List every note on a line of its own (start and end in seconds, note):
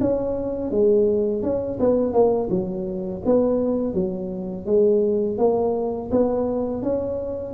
0.00 0.71 C#4
0.71 1.42 G#3
1.42 1.78 C#4
1.79 2.13 B3
2.13 2.49 A#3
2.49 3.22 F#3
3.25 3.93 B3
3.93 4.66 F#3
4.66 5.38 G#3
5.38 6.10 A#3
6.11 6.82 B3
6.82 7.53 C#4